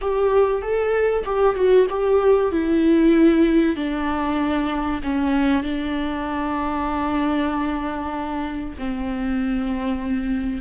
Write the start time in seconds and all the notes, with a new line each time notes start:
0.01 G4
0.61 A4
1.25 G4
1.55 F#4
1.89 G4
2.51 E4
3.76 D4
5.03 C#4
5.63 D4
8.78 C4